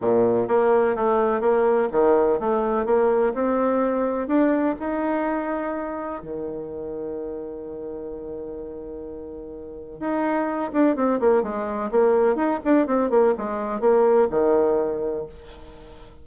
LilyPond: \new Staff \with { instrumentName = "bassoon" } { \time 4/4 \tempo 4 = 126 ais,4 ais4 a4 ais4 | dis4 a4 ais4 c'4~ | c'4 d'4 dis'2~ | dis'4 dis2.~ |
dis1~ | dis4 dis'4. d'8 c'8 ais8 | gis4 ais4 dis'8 d'8 c'8 ais8 | gis4 ais4 dis2 | }